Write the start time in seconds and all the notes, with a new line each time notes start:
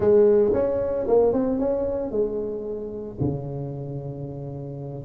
0.00 G#3
0.53 C#4
1.07 A#3
1.33 C4
1.59 C#4
2.11 G#3
3.20 C#3